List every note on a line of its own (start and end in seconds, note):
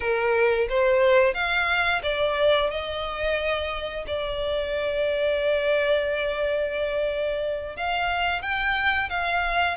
0.00 0.67 A#4
0.69 1.34 C5
1.34 2.01 F5
2.02 2.70 D5
2.70 4.05 D#5
4.07 7.76 D5
7.76 8.42 F5
8.42 9.09 G5
9.09 9.77 F5